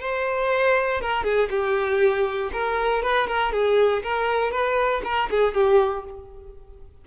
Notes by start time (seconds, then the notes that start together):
0.00 C5
1.01 A#4
1.24 G#4
1.50 G4
2.53 A#4
3.03 B4
3.28 A#4
3.52 G#4
4.03 A#4
4.51 B4
5.04 A#4
5.30 G#4
5.54 G4